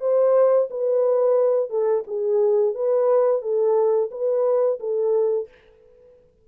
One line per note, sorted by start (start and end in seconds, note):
0.00 0.68 C5
0.70 1.70 B4
1.70 2.04 A4
2.07 2.74 G#4
2.74 3.42 B4
3.42 4.10 A4
4.11 4.79 B4
4.80 5.48 A4